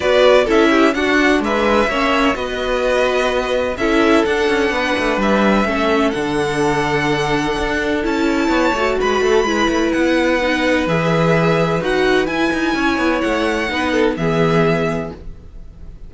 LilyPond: <<
  \new Staff \with { instrumentName = "violin" } { \time 4/4 \tempo 4 = 127 d''4 e''4 fis''4 e''4~ | e''4 dis''2. | e''4 fis''2 e''4~ | e''4 fis''2.~ |
fis''4 a''2 b''4~ | b''4 fis''2 e''4~ | e''4 fis''4 gis''2 | fis''2 e''2 | }
  \new Staff \with { instrumentName = "violin" } { \time 4/4 b'4 a'8 g'8 fis'4 b'4 | cis''4 b'2. | a'2 b'2 | a'1~ |
a'2 cis''4 b'8 a'8 | b'1~ | b'2. cis''4~ | cis''4 b'8 a'8 gis'2 | }
  \new Staff \with { instrumentName = "viola" } { \time 4/4 fis'4 e'4 d'2 | cis'4 fis'2. | e'4 d'2. | cis'4 d'2.~ |
d'4 e'4. fis'4. | e'2 dis'4 gis'4~ | gis'4 fis'4 e'2~ | e'4 dis'4 b2 | }
  \new Staff \with { instrumentName = "cello" } { \time 4/4 b4 cis'4 d'4 gis4 | ais4 b2. | cis'4 d'8 cis'8 b8 a8 g4 | a4 d2. |
d'4 cis'4 b8 a8 gis8 a8 | gis8 a8 b2 e4~ | e4 dis'4 e'8 dis'8 cis'8 b8 | a4 b4 e2 | }
>>